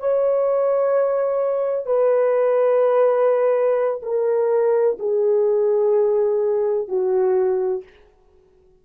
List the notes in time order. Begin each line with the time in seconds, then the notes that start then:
0.00 C#5
1.87 B4
4.03 A#4
5.00 G#4
6.88 F#4